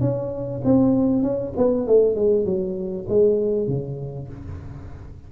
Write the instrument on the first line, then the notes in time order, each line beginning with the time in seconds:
tuba
0.00 C#4
0.64 C4
1.22 C#4
1.57 B3
1.86 A3
2.15 G#3
2.45 F#3
3.09 G#3
3.67 C#3